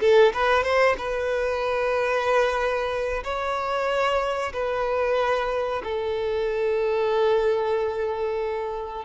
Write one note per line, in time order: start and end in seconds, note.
0.00 0.32 A4
0.33 0.63 B4
0.63 0.96 C5
0.98 3.23 B4
3.23 4.52 C#5
4.53 5.82 B4
5.83 9.05 A4